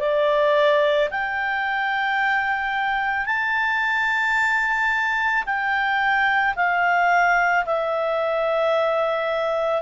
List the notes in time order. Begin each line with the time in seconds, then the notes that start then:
0.00 D5
1.11 G5
3.26 A5
5.46 G5
6.56 F5
7.66 E5